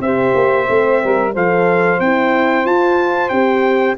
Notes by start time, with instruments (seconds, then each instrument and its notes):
0.00 tuba C4, horn G4, saxophone C5, trumpet E5
0.35 tuba A#3
0.65 tuba A3, horn C4
1.02 tuba G3, saxophone A#4
1.33 tuba F3, horn A4, saxophone C5, trumpet F5
2.00 tuba C4, horn E4, trumpet G5
2.65 tuba F4, horn F4, trumpet A5
3.29 tuba C4, horn G4, trumpet G5